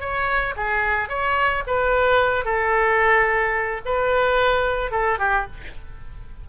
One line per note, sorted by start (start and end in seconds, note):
0.00 0.55 C#5
0.57 1.09 G#4
1.09 1.63 C#5
1.67 2.45 B4
2.45 3.81 A4
3.85 4.91 B4
4.91 5.19 A4
5.19 5.46 G4